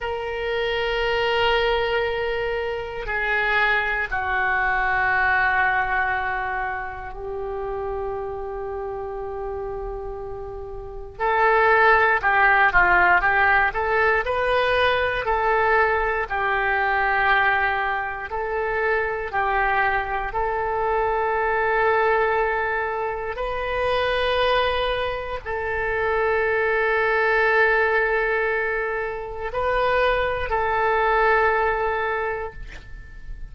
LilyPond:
\new Staff \with { instrumentName = "oboe" } { \time 4/4 \tempo 4 = 59 ais'2. gis'4 | fis'2. g'4~ | g'2. a'4 | g'8 f'8 g'8 a'8 b'4 a'4 |
g'2 a'4 g'4 | a'2. b'4~ | b'4 a'2.~ | a'4 b'4 a'2 | }